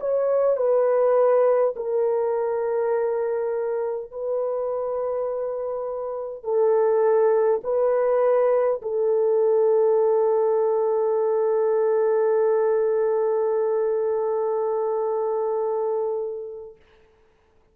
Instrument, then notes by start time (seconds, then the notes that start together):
horn
0.00 C#5
0.57 B4
1.76 A#4
4.12 B4
6.44 A4
7.64 B4
8.82 A4